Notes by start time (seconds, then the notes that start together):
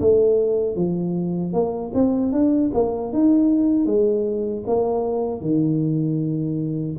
0.00 A3
0.75 F3
1.53 A#3
1.94 C4
2.32 D4
2.74 A#3
3.12 D#4
3.86 G#3
4.66 A#3
5.41 D#3